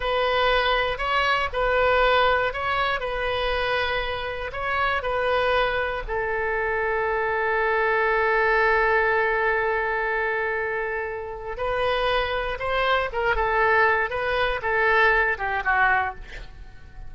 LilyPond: \new Staff \with { instrumentName = "oboe" } { \time 4/4 \tempo 4 = 119 b'2 cis''4 b'4~ | b'4 cis''4 b'2~ | b'4 cis''4 b'2 | a'1~ |
a'1~ | a'2. b'4~ | b'4 c''4 ais'8 a'4. | b'4 a'4. g'8 fis'4 | }